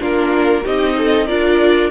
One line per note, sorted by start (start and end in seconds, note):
0.00 0.65 A#3
0.00 0.64 D4
0.00 0.63 F4
0.00 0.66 A#4
0.63 1.30 C4
0.63 1.28 D#4
0.63 0.95 G4
0.63 1.27 D#5
0.98 1.27 A4
1.27 1.92 D4
1.27 1.92 F4
1.27 1.91 A#4
1.27 1.91 D5